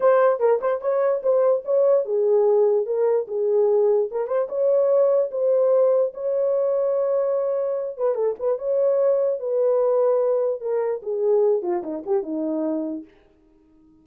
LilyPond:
\new Staff \with { instrumentName = "horn" } { \time 4/4 \tempo 4 = 147 c''4 ais'8 c''8 cis''4 c''4 | cis''4 gis'2 ais'4 | gis'2 ais'8 c''8 cis''4~ | cis''4 c''2 cis''4~ |
cis''2.~ cis''8 b'8 | a'8 b'8 cis''2 b'4~ | b'2 ais'4 gis'4~ | gis'8 f'8 dis'8 g'8 dis'2 | }